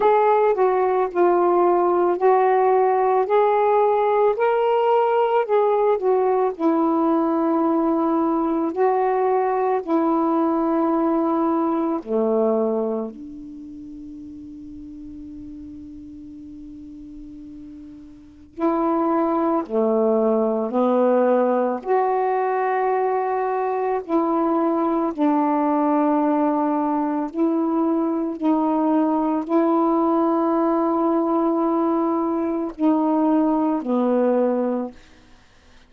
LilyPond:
\new Staff \with { instrumentName = "saxophone" } { \time 4/4 \tempo 4 = 55 gis'8 fis'8 f'4 fis'4 gis'4 | ais'4 gis'8 fis'8 e'2 | fis'4 e'2 a4 | d'1~ |
d'4 e'4 a4 b4 | fis'2 e'4 d'4~ | d'4 e'4 dis'4 e'4~ | e'2 dis'4 b4 | }